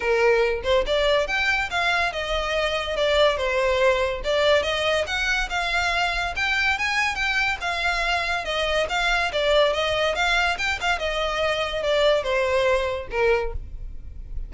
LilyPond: \new Staff \with { instrumentName = "violin" } { \time 4/4 \tempo 4 = 142 ais'4. c''8 d''4 g''4 | f''4 dis''2 d''4 | c''2 d''4 dis''4 | fis''4 f''2 g''4 |
gis''4 g''4 f''2 | dis''4 f''4 d''4 dis''4 | f''4 g''8 f''8 dis''2 | d''4 c''2 ais'4 | }